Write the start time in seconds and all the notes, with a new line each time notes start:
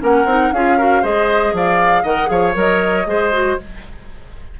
0.00 A#3 C#4 A#4 F#5
0.25 C4 D#4
0.52 C#4 F4 G#4 F5
0.77 F#4 A#4
1.01 G#3 G#4 C5 D#5
1.53 F3 D5 F5
2.03 D#3 A#4 D#5 F#5
2.26 F3 G#4 C#5 F5
2.54 F#3 A#4 D#5
3.06 G#3 G#4 C5
3.31 F#4